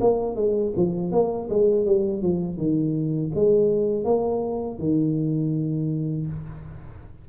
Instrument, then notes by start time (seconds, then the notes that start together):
tuba
0.00 A#3
0.36 G#3
0.76 F3
1.11 A#3
1.49 G#3
1.86 G3
2.22 F3
2.57 D#3
3.35 G#3
4.04 A#3
4.78 D#3